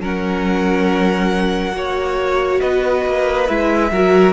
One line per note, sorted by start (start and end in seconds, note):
0.00 1.73 F#3
0.00 1.72 C#4
0.00 1.76 A#4
0.00 2.61 F#5
1.72 2.60 A#3
1.72 3.46 F#4
1.72 2.61 C#5
2.61 3.06 B3
2.61 3.91 B4
2.61 3.47 D#5
3.06 3.49 A#3
3.47 3.91 G#3
3.47 3.92 E4
3.47 4.33 E5
3.91 4.33 F#3
3.91 4.33 F#4
3.91 4.33 A#4